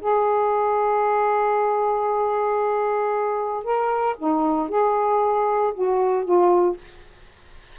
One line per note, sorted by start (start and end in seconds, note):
0.00 3.64 G#4
3.64 4.16 A#4
4.18 4.69 D#4
4.69 5.73 G#4
5.74 6.24 F#4
6.24 6.77 F4